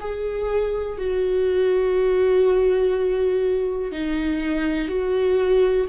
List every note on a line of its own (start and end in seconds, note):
0.00 0.97 G#4
0.97 3.92 F#4
3.92 4.88 D#4
4.88 5.86 F#4